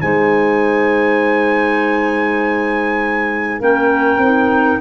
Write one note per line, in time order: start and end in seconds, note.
0.00 3.61 G#3
0.00 3.62 D#4
0.00 3.59 C5
0.00 3.61 G#5
3.59 4.18 A#3
3.59 4.21 C#4
3.59 4.79 A#4
3.59 4.81 G5
4.18 4.78 C4
4.18 4.81 D#4